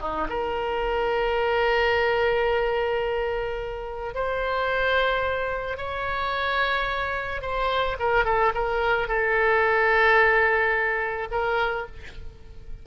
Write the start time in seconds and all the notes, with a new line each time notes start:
0.00 D#4
0.29 A#4
4.14 C5
5.77 C#5
7.42 C5
7.99 A#4
8.25 A4
8.54 A#4
9.08 A4
11.31 A#4